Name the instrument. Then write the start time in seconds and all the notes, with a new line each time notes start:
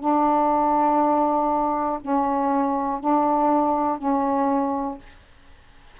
saxophone
0.00 D4
2.01 C#4
3.00 D4
3.98 C#4